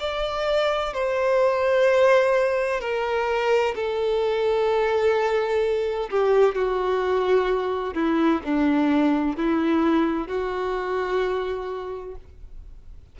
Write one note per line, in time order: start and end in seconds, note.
0.00 0.94 D5
0.94 2.81 C5
2.81 3.75 A#4
3.76 6.10 A4
6.11 6.55 G4
6.55 7.95 F#4
7.95 8.42 E4
8.45 9.37 D4
9.37 10.28 E4
10.28 12.16 F#4